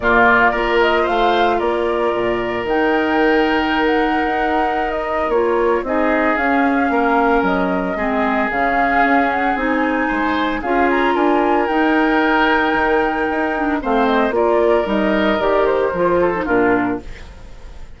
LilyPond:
<<
  \new Staff \with { instrumentName = "flute" } { \time 4/4 \tempo 4 = 113 d''4. dis''8 f''4 d''4~ | d''4 g''2~ g''16 fis''8.~ | fis''4~ fis''16 dis''8. cis''4 dis''4 | f''2 dis''2 |
f''4. fis''8 gis''2 | f''8 ais''8 gis''4 g''2~ | g''2 f''8 dis''8 d''4 | dis''4 d''8 c''4. ais'4 | }
  \new Staff \with { instrumentName = "oboe" } { \time 4/4 f'4 ais'4 c''4 ais'4~ | ais'1~ | ais'2. gis'4~ | gis'4 ais'2 gis'4~ |
gis'2. c''4 | gis'4 ais'2.~ | ais'2 c''4 ais'4~ | ais'2~ ais'8 a'8 f'4 | }
  \new Staff \with { instrumentName = "clarinet" } { \time 4/4 ais4 f'2.~ | f'4 dis'2.~ | dis'2 f'4 dis'4 | cis'2. c'4 |
cis'2 dis'2 | f'2 dis'2~ | dis'4. d'8 c'4 f'4 | dis'4 g'4 f'8. dis'16 d'4 | }
  \new Staff \with { instrumentName = "bassoon" } { \time 4/4 ais,4 ais4 a4 ais4 | ais,4 dis2. | dis'2 ais4 c'4 | cis'4 ais4 fis4 gis4 |
cis4 cis'4 c'4 gis4 | cis'4 d'4 dis'2 | dis4 dis'4 a4 ais4 | g4 dis4 f4 ais,4 | }
>>